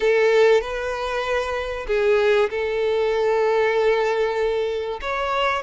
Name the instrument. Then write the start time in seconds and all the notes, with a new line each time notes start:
violin
0.00 A4
0.61 B4
1.87 G#4
2.49 A4
5.01 C#5